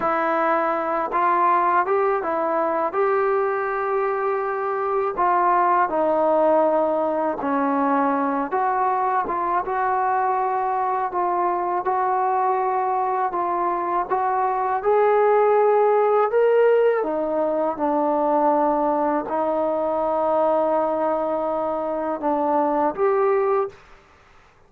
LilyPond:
\new Staff \with { instrumentName = "trombone" } { \time 4/4 \tempo 4 = 81 e'4. f'4 g'8 e'4 | g'2. f'4 | dis'2 cis'4. fis'8~ | fis'8 f'8 fis'2 f'4 |
fis'2 f'4 fis'4 | gis'2 ais'4 dis'4 | d'2 dis'2~ | dis'2 d'4 g'4 | }